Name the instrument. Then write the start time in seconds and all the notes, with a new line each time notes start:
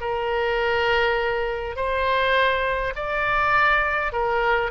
oboe
0.00 A#4
1.76 C5
2.95 D5
4.12 A#4